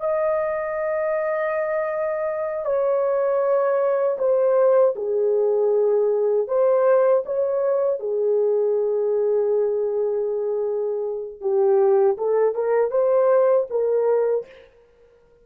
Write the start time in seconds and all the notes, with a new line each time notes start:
0.00 D#5
2.65 C#5
4.18 C5
4.96 G#4
6.48 C5
7.26 C#5
8.00 G#4
11.41 G4
12.18 A4
12.55 A#4
12.91 C5
13.70 A#4